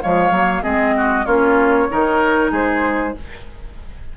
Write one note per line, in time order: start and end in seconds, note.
0.00 0.31 F3
0.00 0.31 G#3
0.00 0.62 C#5
0.00 0.63 F5
0.31 0.62 F#3
0.31 0.63 A#3
0.62 1.26 G#3
0.62 1.25 C4
0.62 0.94 G#4
0.62 1.26 D#5
0.97 1.24 F#4
1.24 1.88 A#3
1.24 1.89 C#4
1.24 1.87 F4
1.24 2.51 C#5
1.89 2.51 D#3
1.89 3.14 D#4
1.89 2.51 A#4
2.51 3.13 G#3
2.51 3.13 G#4
2.51 3.17 C5